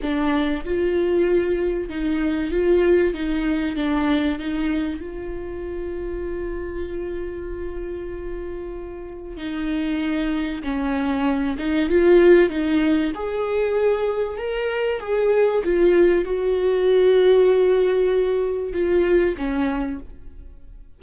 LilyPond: \new Staff \with { instrumentName = "viola" } { \time 4/4 \tempo 4 = 96 d'4 f'2 dis'4 | f'4 dis'4 d'4 dis'4 | f'1~ | f'2. dis'4~ |
dis'4 cis'4. dis'8 f'4 | dis'4 gis'2 ais'4 | gis'4 f'4 fis'2~ | fis'2 f'4 cis'4 | }